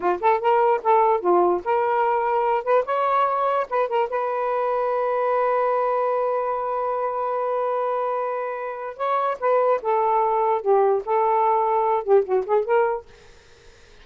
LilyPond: \new Staff \with { instrumentName = "saxophone" } { \time 4/4 \tempo 4 = 147 f'8 a'8 ais'4 a'4 f'4 | ais'2~ ais'8 b'8 cis''4~ | cis''4 b'8 ais'8 b'2~ | b'1~ |
b'1~ | b'2 cis''4 b'4 | a'2 g'4 a'4~ | a'4. g'8 fis'8 gis'8 ais'4 | }